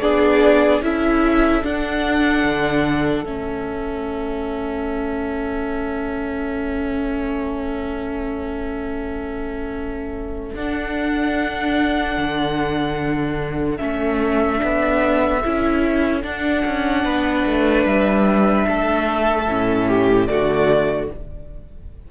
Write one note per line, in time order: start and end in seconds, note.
0.00 0.81 B3
0.00 0.82 D4
0.00 0.83 G#4
0.00 0.81 D5
0.81 1.62 C#4
0.81 1.63 E4
0.81 17.05 A4
0.81 1.65 E5
1.63 3.25 D4
1.63 2.43 D4
1.63 3.26 F#5
2.43 3.23 D3
3.23 10.53 A3
3.23 10.55 C#4
3.23 10.55 E5
10.54 12.16 D4
10.54 13.79 D4
10.54 13.77 F#5
12.17 13.79 D3
13.77 14.61 A3
13.77 14.57 C#4
13.77 16.20 E5
14.57 15.44 B3
14.57 15.39 D4
15.45 16.24 C#4
15.45 16.22 E4
16.22 19.46 D4
16.22 16.64 D4
16.22 17.86 F#5
16.66 17.05 C#4
17.05 17.45 B3
17.05 18.67 B4
17.46 17.85 A3
17.85 18.66 G3
17.85 20.27 E5
18.67 19.48 A3
18.67 19.88 A4
19.48 20.29 A2
19.48 20.28 C#4
19.88 20.29 G4
20.27 21.10 D3
20.27 21.09 A3
20.27 21.11 F#4
20.27 21.08 D5